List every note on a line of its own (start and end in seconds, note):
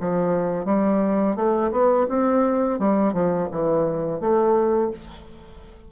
0.00 0.65 F3
0.65 1.36 G3
1.36 1.71 A3
1.71 2.07 B3
2.09 2.79 C4
2.79 3.13 G3
3.13 3.48 F3
3.51 4.20 E3
4.20 4.91 A3